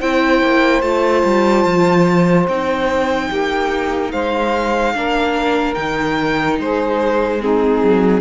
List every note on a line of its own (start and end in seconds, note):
0.00 0.43 C4
0.00 0.83 E4
0.00 3.28 C5
0.00 0.82 G5
0.43 0.83 A#3
0.82 1.24 A3
0.82 2.48 F4
0.82 2.46 A5
1.25 1.66 G3
1.66 2.48 F3
2.48 3.30 C4
2.48 4.96 D#4
2.48 4.12 G5
3.28 4.13 A#3
3.28 4.10 G4
4.12 4.95 G#3
4.12 4.95 C5
4.12 5.75 F5
4.95 5.77 A#3
4.95 5.75 D4
4.95 6.60 A#4
5.75 6.59 D#3
5.75 7.39 D#4
5.75 6.57 G5
6.60 7.83 G#3
6.60 7.41 G#4
6.60 7.42 C5
7.41 8.22 C4
7.41 8.22 D#4
7.41 8.22 G#4
7.84 8.22 F#3